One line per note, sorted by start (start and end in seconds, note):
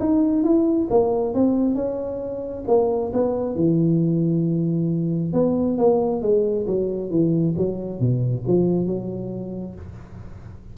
0.00 0.44 D#4
0.44 0.88 E4
0.90 1.35 A#3
1.35 1.75 C4
1.75 2.64 C#4
2.67 3.12 A#3
3.13 3.56 B3
3.56 5.33 E3
5.33 5.78 B3
5.78 6.22 A#3
6.22 6.66 G#3
6.67 7.11 F#3
7.11 7.55 E3
7.57 8.00 F#3
8.00 8.44 B2
8.47 8.86 F3
8.86 9.75 F#3